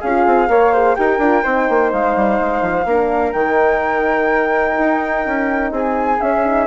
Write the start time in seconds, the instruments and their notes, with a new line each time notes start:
0.00 bassoon C#4, flute G#4 F5
0.06 horn F4
0.26 bassoon C4
0.48 bassoon A#3, horn A#4, flute C#5
0.73 horn G#4, flute C5
0.95 bassoon D#4, horn G4, flute A#4 G5
1.18 bassoon D4, horn F4
1.43 bassoon C4, horn D#4, flute C5
1.69 bassoon A#3
1.92 bassoon G#3, flute F5
2.16 bassoon G3
2.40 bassoon G#3
2.61 bassoon F3
2.85 bassoon A#3, horn D4, flute A#4
3.33 bassoon D#3, horn D#4, flute G5
4.78 bassoon D#4
5.26 bassoon C#4
5.71 bassoon C4, flute G#4 G#5
6.20 horn C#4, bassoon C#4, flute E5
6.44 horn D#4